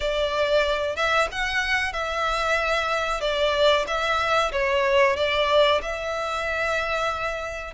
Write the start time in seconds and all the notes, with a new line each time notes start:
0.00 D5
0.95 E5
1.31 F#5
1.92 E5
3.21 D5
3.87 E5
4.52 C#5
5.16 D5
5.82 E5